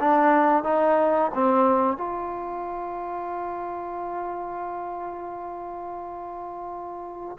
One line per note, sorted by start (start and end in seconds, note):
0.00 0.64 D4
0.64 1.31 D#4
1.34 1.97 C4
1.97 7.37 F4